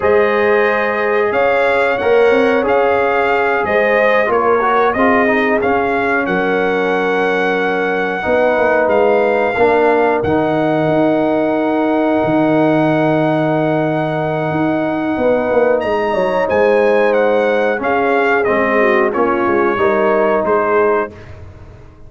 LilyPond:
<<
  \new Staff \with { instrumentName = "trumpet" } { \time 4/4 \tempo 4 = 91 dis''2 f''4 fis''4 | f''4. dis''4 cis''4 dis''8~ | dis''8 f''4 fis''2~ fis''8~ | fis''4. f''2 fis''8~ |
fis''1~ | fis''1 | ais''4 gis''4 fis''4 f''4 | dis''4 cis''2 c''4 | }
  \new Staff \with { instrumentName = "horn" } { \time 4/4 c''2 cis''2~ | cis''4. c''4 ais'4 gis'8~ | gis'4. ais'2~ ais'8~ | ais'8 b'2 ais'4.~ |
ais'1~ | ais'2. b'4 | dis''8 cis''8 c''2 gis'4~ | gis'8 fis'8 f'4 ais'4 gis'4 | }
  \new Staff \with { instrumentName = "trombone" } { \time 4/4 gis'2. ais'4 | gis'2~ gis'8 f'8 fis'8 f'8 | dis'8 cis'2.~ cis'8~ | cis'8 dis'2 d'4 dis'8~ |
dis'1~ | dis'1~ | dis'2. cis'4 | c'4 cis'4 dis'2 | }
  \new Staff \with { instrumentName = "tuba" } { \time 4/4 gis2 cis'4 ais8 c'8 | cis'4. gis4 ais4 c'8~ | c'8 cis'4 fis2~ fis8~ | fis8 b8 ais8 gis4 ais4 dis8~ |
dis8 dis'2 dis4.~ | dis2 dis'4 b8 ais8 | gis8 fis8 gis2 cis'4 | gis4 ais8 gis8 g4 gis4 | }
>>